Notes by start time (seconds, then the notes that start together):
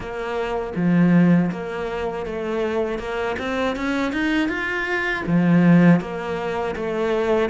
0.00 A#3
0.75 F3
1.51 A#3
2.26 A3
2.98 A#3
3.39 C4
3.75 C#4
4.12 D#4
4.48 F4
5.26 F3
6.00 A#3
6.75 A3